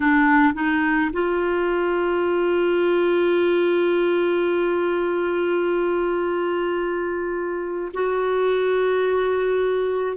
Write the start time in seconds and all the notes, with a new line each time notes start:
0.00 D4
0.54 D#4
1.13 F4
7.93 F#4